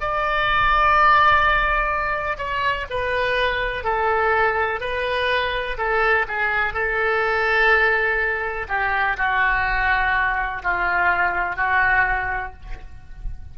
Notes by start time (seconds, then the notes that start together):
0.00 D5
2.37 C#5
2.89 B4
3.84 A4
4.80 B4
5.78 A4
6.28 G#4
6.73 A4
8.68 G4
9.17 F#4
10.63 F4
11.56 F#4